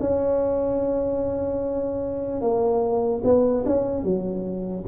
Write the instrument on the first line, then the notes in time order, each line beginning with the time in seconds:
tuba
0.00 C#4
2.41 A#3
3.24 B3
3.66 C#4
4.03 F#3